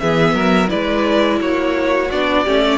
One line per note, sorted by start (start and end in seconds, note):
0.00 0.34 E3
0.00 0.68 B3
0.00 0.35 G#4
0.00 0.70 E5
0.34 0.69 F#3
0.34 0.70 A#4
0.68 1.41 G#3
0.68 2.08 E4
0.68 1.40 B4
0.68 1.40 D5
1.41 2.11 A#3
1.41 2.44 F#4
1.41 2.11 C#5
2.11 2.46 B3
2.11 2.47 D4
2.11 2.78 D5
2.44 2.78 A3
2.44 2.78 C#4
2.44 2.62 G4
2.66 2.78 D5